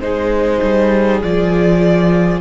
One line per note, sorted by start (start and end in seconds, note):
0.00 0.60 G#3
0.00 1.22 D#4
0.00 2.41 G#4
0.00 1.20 C5
0.62 1.22 G3
1.23 2.41 F3
1.23 2.41 F4
1.23 2.41 D5